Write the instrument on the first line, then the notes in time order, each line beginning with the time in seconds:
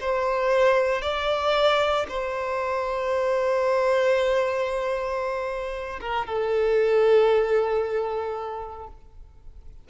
violin
0.00 C5
1.02 D5
2.08 C5
6.00 A#4
6.27 A4